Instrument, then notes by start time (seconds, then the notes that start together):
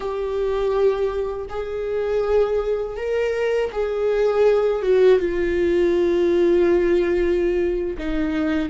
viola
0.00 G4
1.49 G#4
2.96 A#4
3.72 G#4
4.82 F#4
5.19 F4
7.98 D#4